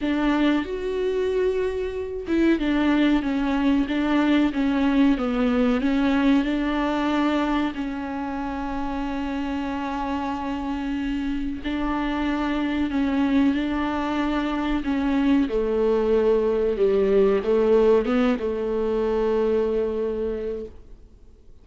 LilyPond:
\new Staff \with { instrumentName = "viola" } { \time 4/4 \tempo 4 = 93 d'4 fis'2~ fis'8 e'8 | d'4 cis'4 d'4 cis'4 | b4 cis'4 d'2 | cis'1~ |
cis'2 d'2 | cis'4 d'2 cis'4 | a2 g4 a4 | b8 a2.~ a8 | }